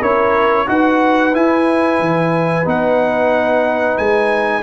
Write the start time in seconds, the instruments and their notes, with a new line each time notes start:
0.00 tuba C#4, trombone E4, horn A#4, trumpet C#5
0.67 tuba D#4, trombone F#4, horn B4, trumpet F#5
1.34 trombone E4, tuba E4, trumpet G#5
2.00 tuba E3
2.65 tuba B3, trombone D#4, trumpet F#5
3.98 tuba G#3, trumpet G#5